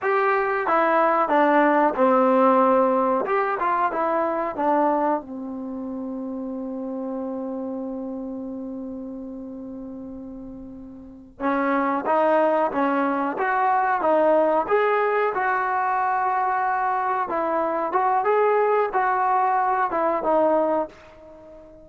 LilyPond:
\new Staff \with { instrumentName = "trombone" } { \time 4/4 \tempo 4 = 92 g'4 e'4 d'4 c'4~ | c'4 g'8 f'8 e'4 d'4 | c'1~ | c'1~ |
c'4. cis'4 dis'4 cis'8~ | cis'8 fis'4 dis'4 gis'4 fis'8~ | fis'2~ fis'8 e'4 fis'8 | gis'4 fis'4. e'8 dis'4 | }